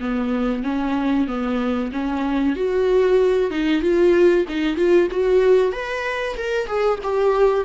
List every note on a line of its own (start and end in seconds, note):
0.00 0.63 B3
0.63 1.27 C#4
1.27 1.91 B3
1.92 2.56 C#4
2.56 3.50 F#4
3.50 3.82 D#4
3.82 4.45 F4
4.48 4.76 D#4
4.76 5.08 F4
5.11 5.72 F#4
5.72 6.36 B4
6.37 6.67 A#4
6.67 6.99 G#4
7.03 7.64 G4